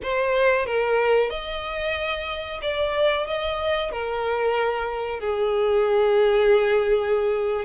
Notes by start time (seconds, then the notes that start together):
0.03 C5
0.66 A#4
1.30 D#5
2.61 D5
3.26 D#5
3.91 A#4
5.20 G#4